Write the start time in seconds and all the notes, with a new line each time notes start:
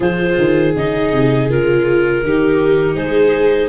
0.00 F3 F4 G#4 C5
0.38 D#3
0.75 C#3 D#4 D#5
1.12 C3
1.49 C#3 F4 A#4
2.23 D#3 D#4 G4
2.95 G#3 G#4 C5